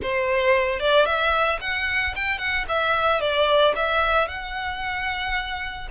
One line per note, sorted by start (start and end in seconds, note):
0.02 0.79 C5
0.79 1.05 D5
1.05 1.59 E5
1.60 2.14 F#5
2.15 2.38 G5
2.38 2.65 F#5
2.68 3.20 E5
3.20 3.74 D5
3.75 4.28 E5
4.28 5.88 F#5